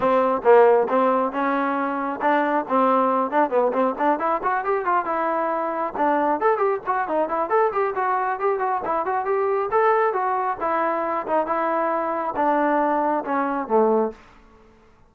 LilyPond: \new Staff \with { instrumentName = "trombone" } { \time 4/4 \tempo 4 = 136 c'4 ais4 c'4 cis'4~ | cis'4 d'4 c'4. d'8 | b8 c'8 d'8 e'8 fis'8 g'8 f'8 e'8~ | e'4. d'4 a'8 g'8 fis'8 |
dis'8 e'8 a'8 g'8 fis'4 g'8 fis'8 | e'8 fis'8 g'4 a'4 fis'4 | e'4. dis'8 e'2 | d'2 cis'4 a4 | }